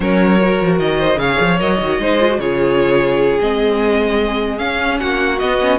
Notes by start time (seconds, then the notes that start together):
0.00 F#3 C#4 A#4 C#5
0.39 F#4
0.60 F3
0.79 D#3 D#5
0.98 C5
1.16 C#3 G#4 C#5 F5
1.40 F3
1.59 F#3 A#4 D#5
1.81 D#3 F#4
1.99 G#3 D#4 C5
2.20 F4
2.28 F#4
2.39 C#3 F4 G#4 C#5
3.40 G#3 C4 D#5
4.58 C#4 F5
4.99 A#3 F#4 F#5
5.39 B3 D#5
5.61 C#4